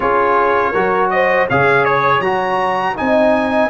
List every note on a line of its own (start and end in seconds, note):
0.00 0.72 C#4
0.00 0.74 F4
0.00 0.71 G#4
0.00 1.10 C#5
0.71 1.49 F#3
0.71 1.48 F#4
0.71 1.08 A#4
1.10 1.48 C5
1.10 1.47 D#5
1.48 2.19 C#3
1.48 2.24 G#4
1.48 2.96 C#5
1.48 1.85 F5
1.85 2.21 C#5
2.19 2.93 F#3
2.19 2.95 F#4
2.19 2.95 A#5
2.95 3.70 C4
2.95 3.69 D#4
2.95 3.70 D#5
2.95 3.70 G#5